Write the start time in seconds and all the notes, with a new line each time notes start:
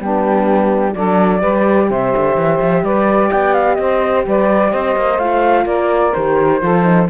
0.00 G3 B3 D4 G4
0.95 F#3 D4 A4 D5
1.40 G3 G4 B4
1.90 C3 C5 E5
2.17 D3
2.36 E3
2.61 F3
2.83 G3 B4 D5
3.31 B3 D5 G5
3.54 F5
3.75 C4 C5 D#5
4.27 G3 B4 D5
4.71 C4 C5 D#5
4.96 A#3
5.19 A3 F4 F5
5.66 A#3 A#4 D5
6.14 D#3 G4 C5
6.62 F3 F4 A4
6.83 D#4